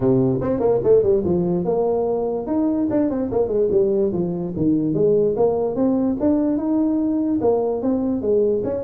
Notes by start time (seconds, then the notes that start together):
0.00 C3
0.41 C4
0.59 A#3
0.83 A3
1.02 G3
1.24 F3
1.64 A#3
2.47 D#4
2.90 D4
3.10 C4
3.31 A#3
3.48 G#3
3.71 G3
4.12 F3
4.56 D#3
4.94 G#3
5.36 A#3
5.75 C4
6.19 D4
6.57 D#4
7.41 A#3
7.81 C4
8.21 G#3
8.63 C#4